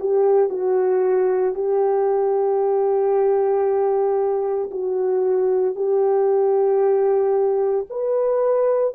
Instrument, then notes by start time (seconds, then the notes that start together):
horn
0.00 G4
0.50 F#4
1.55 G4
4.71 F#4
5.76 G4
7.90 B4